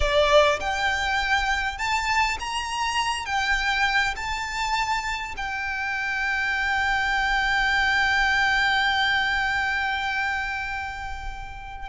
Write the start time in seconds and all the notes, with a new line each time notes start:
0.00 D5
0.60 G5
1.78 A5
2.39 A#5
3.25 G5
4.16 A5
5.37 G5